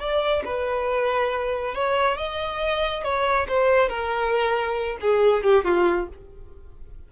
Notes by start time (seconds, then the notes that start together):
0.00 D5
0.45 B4
1.75 C#5
2.18 D#5
3.04 C#5
3.49 C5
3.89 A#4
5.02 G#4
5.44 G4
5.65 F4